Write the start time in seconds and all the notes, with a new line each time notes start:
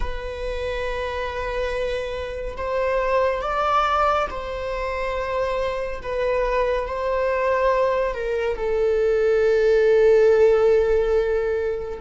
0.00 B4
2.56 C5
3.41 D5
4.30 C5
6.02 B4
6.86 C5
8.14 A#4
8.56 A4